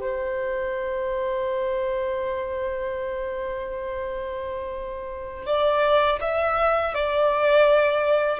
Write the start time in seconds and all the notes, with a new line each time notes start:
0.00 C5
5.46 D5
6.21 E5
6.94 D5